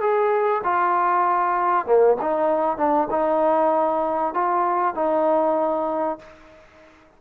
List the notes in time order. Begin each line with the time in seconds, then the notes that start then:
0.00 G#4
0.63 F4
1.86 A#3
2.21 D#4
2.77 D4
3.10 D#4
4.34 F4
4.95 D#4